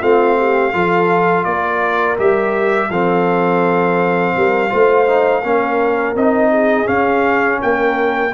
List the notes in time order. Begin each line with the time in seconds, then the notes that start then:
0.00 A3 C4 F4 F5
0.37 G4
0.73 F3 F4 A4
1.44 A#3 A#4 D5
2.17 G3 G4 E5
2.89 F3 C4 A4 F5
4.36 G3 A#4
4.69 A3 F4 C5
5.06 D#4
5.43 A#3 C#4 A#4
6.15 C4 D#4 D#5
6.50 G#4
6.86 C#4 F5
7.60 A#3 A#4 G5